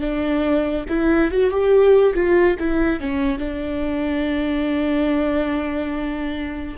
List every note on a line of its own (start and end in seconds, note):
0.00 0.85 D4
0.89 1.31 E4
1.31 1.50 F#4
1.50 2.14 G4
2.14 2.56 F4
2.59 3.00 E4
3.00 3.38 C#4
3.38 6.76 D4